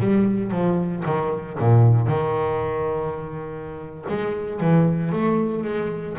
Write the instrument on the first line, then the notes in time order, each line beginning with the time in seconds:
double bass
0.00 G3
0.51 F3
1.06 D#3
1.59 A#2
2.08 D#3
4.09 G#3
4.61 E3
5.12 A3
5.64 G#3